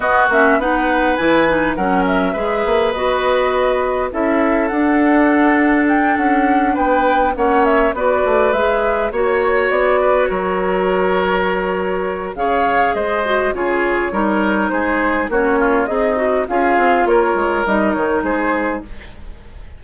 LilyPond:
<<
  \new Staff \with { instrumentName = "flute" } { \time 4/4 \tempo 4 = 102 dis''8 e''8 fis''4 gis''4 fis''8 e''8~ | e''4 dis''2 e''4 | fis''2 g''8 fis''4 g''8~ | g''8 fis''8 e''8 d''4 e''4 cis''8~ |
cis''8 d''4 cis''2~ cis''8~ | cis''4 f''4 dis''4 cis''4~ | cis''4 c''4 cis''4 dis''4 | f''4 cis''4 dis''8 cis''8 c''4 | }
  \new Staff \with { instrumentName = "oboe" } { \time 4/4 fis'4 b'2 ais'4 | b'2. a'4~ | a'2.~ a'8 b'8~ | b'8 cis''4 b'2 cis''8~ |
cis''4 b'8 ais'2~ ais'8~ | ais'4 cis''4 c''4 gis'4 | ais'4 gis'4 fis'8 f'8 dis'4 | gis'4 ais'2 gis'4 | }
  \new Staff \with { instrumentName = "clarinet" } { \time 4/4 b8 cis'8 dis'4 e'8 dis'8 cis'4 | gis'4 fis'2 e'4 | d'1~ | d'8 cis'4 fis'4 gis'4 fis'8~ |
fis'1~ | fis'4 gis'4. fis'8 f'4 | dis'2 cis'4 gis'8 fis'8 | f'2 dis'2 | }
  \new Staff \with { instrumentName = "bassoon" } { \time 4/4 b8 ais8 b4 e4 fis4 | gis8 ais8 b2 cis'4 | d'2~ d'8 cis'4 b8~ | b8 ais4 b8 a8 gis4 ais8~ |
ais8 b4 fis2~ fis8~ | fis4 cis4 gis4 cis4 | g4 gis4 ais4 c'4 | cis'8 c'8 ais8 gis8 g8 dis8 gis4 | }
>>